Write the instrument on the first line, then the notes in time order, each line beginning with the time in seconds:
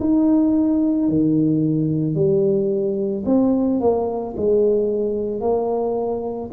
tuba
0.00 D#4
1.09 D#3
2.15 G3
3.26 C4
3.80 A#3
4.36 G#3
5.41 A#3